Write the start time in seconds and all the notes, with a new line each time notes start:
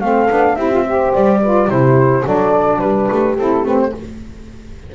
0.00 A3 C4 A4 F5
0.30 B3 D4
0.55 C4 E4 G4 E5
0.71 F4
0.85 G4 C5
1.14 G3 D5
1.42 F4 B4
1.68 C3 E4 G4 C5
2.23 F#3 D4 A4 D5
2.80 G3 G4 B4
3.12 A3
3.38 C4 E4 A4
3.64 A3 C4 B4
3.81 C5